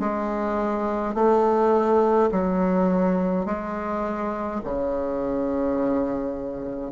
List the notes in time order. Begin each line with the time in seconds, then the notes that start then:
0.00 G#3
1.15 A3
2.32 F#3
3.46 G#3
4.65 C#3